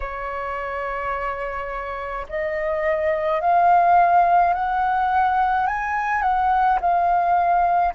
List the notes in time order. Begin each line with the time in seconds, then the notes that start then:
0.00 C#5
2.28 D#5
3.41 F5
4.53 F#5
5.66 G#5
6.22 F#5
6.80 F5